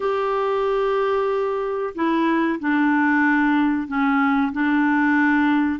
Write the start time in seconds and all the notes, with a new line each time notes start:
0.00 G4
1.94 E4
2.59 D4
3.87 C#4
4.52 D4